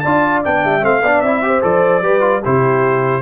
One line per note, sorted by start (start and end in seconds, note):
0.00 0.45 D4
0.00 0.45 F4
0.00 0.63 D5
0.00 0.40 A5
0.45 0.65 B3
0.45 0.81 D4
0.45 0.85 G5
0.64 0.83 G3
0.64 1.04 E5
0.81 1.03 A3
0.81 1.01 C4
0.81 1.21 F5
1.03 1.22 B3
1.03 1.26 D4
1.03 1.44 D5
1.21 1.62 C4
1.21 1.43 E4
1.21 1.61 E5
1.43 1.62 G4
1.43 2.03 C5
1.62 2.02 F3
1.62 2.02 A4
1.62 2.43 D5
2.02 2.42 G3
2.02 2.21 G4
2.02 2.42 B4
2.21 2.41 F4
2.42 3.22 C3
2.42 3.22 E4
2.42 3.22 G4
2.42 3.22 C5